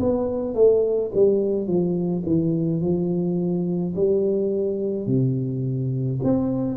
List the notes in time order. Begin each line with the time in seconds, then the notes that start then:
0.00 B3
0.55 A3
1.15 G3
1.67 F3
2.26 E3
2.81 F3
3.96 G3
5.06 C3
6.24 C4